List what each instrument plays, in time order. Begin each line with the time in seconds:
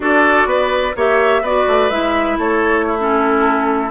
0.00 bassoon D4, clarinet F#4, oboe A4, flute D5
0.45 bassoon B3, oboe B4
0.96 bassoon A#3, clarinet G4, oboe C#5, flute E5
1.42 bassoon B3, clarinet F#4, oboe B4, flute D5
1.67 bassoon A3
1.90 bassoon G#3, clarinet E4, flute E5
2.38 bassoon A3, oboe A4, flute C#5
2.86 oboe E4
2.99 clarinet C#4, flute A4